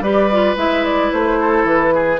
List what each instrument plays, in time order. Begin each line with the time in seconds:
0.00 bassoon G3, clarinet G4, oboe B4, flute D5
0.31 clarinet F4
0.56 bassoon G#3, clarinet E4, flute E5
0.85 flute D5
1.12 bassoon A3, flute C5
1.40 oboe A4
1.64 bassoon E3, flute B4
1.94 oboe G#4